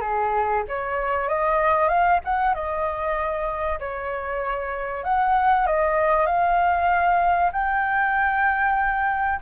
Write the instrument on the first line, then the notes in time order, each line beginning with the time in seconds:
flute
0.00 G#4
0.68 C#5
1.28 D#5
1.88 F5
2.24 F#5
2.54 D#5
3.79 C#5
5.04 F#5
5.66 D#5
6.26 F5
7.52 G5